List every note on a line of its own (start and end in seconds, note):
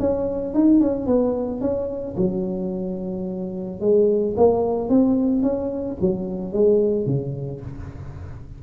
0.00 0.55 C#4
0.55 0.81 D#4
0.81 1.07 C#4
1.07 1.61 B3
1.61 2.16 C#4
2.17 3.81 F#3
3.81 4.35 G#3
4.37 4.89 A#3
4.89 5.43 C4
5.43 5.97 C#4
6.01 6.53 F#3
6.53 7.06 G#3
7.06 7.61 C#3